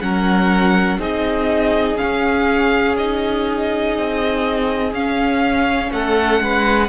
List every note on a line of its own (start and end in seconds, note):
0.00 0.99 F#3
0.00 0.99 C#4
0.00 0.98 A#4
0.00 0.98 F#5
0.98 1.97 C4
0.98 1.97 D#4
0.98 5.90 G#4
0.98 1.97 D#5
1.97 2.95 C#4
1.97 3.97 C#4
1.97 2.95 F5
2.97 4.94 D#4
2.97 4.93 D#5
3.97 4.93 C4
4.93 5.91 C#4
4.93 6.89 C#4
4.93 5.92 F5
5.91 6.40 A3
5.91 6.42 A4
5.91 6.89 F#5
6.40 6.89 G#3
6.40 6.89 B4